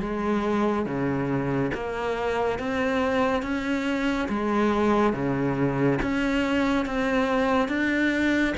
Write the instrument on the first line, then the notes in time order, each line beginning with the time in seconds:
cello
0.00 G#3
0.86 C#3
1.74 A#3
2.59 C4
3.42 C#4
4.29 G#3
5.13 C#3
6.02 C#4
6.86 C4
7.69 D4